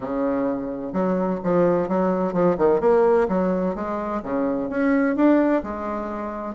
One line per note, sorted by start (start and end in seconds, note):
0.00 0.92 C#3
0.92 1.39 F#3
1.43 1.88 F3
1.88 2.33 F#3
2.33 2.56 F3
2.57 2.80 D#3
2.80 3.27 A#3
3.28 3.75 F#3
3.75 4.22 G#3
4.23 4.69 C#3
4.69 5.15 C#4
5.15 5.62 D4
5.63 6.55 G#3